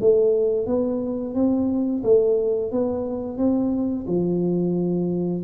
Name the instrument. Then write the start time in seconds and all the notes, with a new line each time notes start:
tuba
0.00 A3
0.66 B3
1.34 C4
2.03 A3
2.71 B3
3.37 C4
4.06 F3